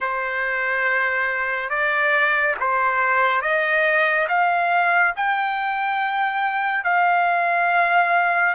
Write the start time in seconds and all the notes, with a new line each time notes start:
0.00 C5
1.69 D5
2.59 C5
3.41 D#5
4.28 F5
5.16 G5
6.84 F5